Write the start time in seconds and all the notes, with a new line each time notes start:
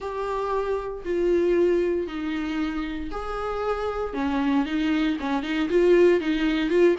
0.00 G4
1.05 F4
2.07 D#4
3.11 G#4
4.13 C#4
4.65 D#4
5.20 C#4
5.43 D#4
5.69 F4
6.20 D#4
6.69 F4